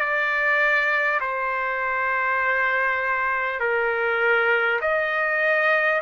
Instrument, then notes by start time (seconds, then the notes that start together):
trumpet
0.00 D5
1.21 C5
3.60 A#4
4.82 D#5